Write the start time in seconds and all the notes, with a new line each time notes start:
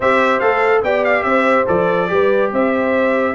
0.00 C4 G4 C5 E5
0.39 A3 A4 F5
0.83 B3 G4 D5 G5
1.04 F5
1.22 C4 C5 E5
1.66 F3 A4 D5
2.08 G3 G4 B4
2.51 C4 C5 E5